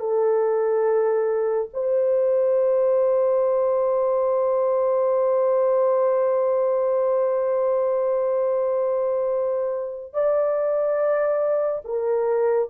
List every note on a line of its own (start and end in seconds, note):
0.00 1.69 A4
1.73 10.13 C5
10.13 11.82 D5
11.85 12.69 A#4